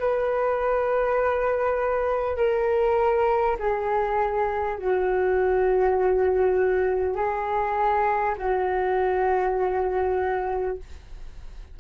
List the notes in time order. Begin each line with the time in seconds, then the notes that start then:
0.00 B4
2.37 A#4
3.59 G#4
4.79 F#4
7.16 G#4
8.38 F#4